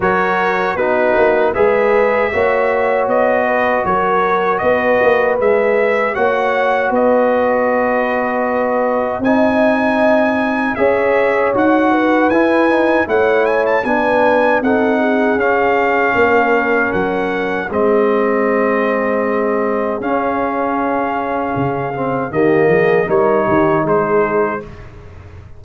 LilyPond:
<<
  \new Staff \with { instrumentName = "trumpet" } { \time 4/4 \tempo 4 = 78 cis''4 b'4 e''2 | dis''4 cis''4 dis''4 e''4 | fis''4 dis''2. | gis''2 e''4 fis''4 |
gis''4 fis''8 gis''16 a''16 gis''4 fis''4 | f''2 fis''4 dis''4~ | dis''2 f''2~ | f''4 dis''4 cis''4 c''4 | }
  \new Staff \with { instrumentName = "horn" } { \time 4/4 ais'4 fis'4 b'4 cis''4~ | cis''8 b'8 ais'4 b'2 | cis''4 b'2. | dis''2 cis''4. b'8~ |
b'4 cis''4 b'4 a'8 gis'8~ | gis'4 ais'2 gis'4~ | gis'1~ | gis'4 g'8 gis'8 ais'8 g'8 gis'4 | }
  \new Staff \with { instrumentName = "trombone" } { \time 4/4 fis'4 dis'4 gis'4 fis'4~ | fis'2. gis'4 | fis'1 | dis'2 gis'4 fis'4 |
e'8 dis'8 e'4 d'4 dis'4 | cis'2. c'4~ | c'2 cis'2~ | cis'8 c'8 ais4 dis'2 | }
  \new Staff \with { instrumentName = "tuba" } { \time 4/4 fis4 b8 ais8 gis4 ais4 | b4 fis4 b8 ais8 gis4 | ais4 b2. | c'2 cis'4 dis'4 |
e'4 a4 b4 c'4 | cis'4 ais4 fis4 gis4~ | gis2 cis'2 | cis4 dis8 f8 g8 dis8 gis4 | }
>>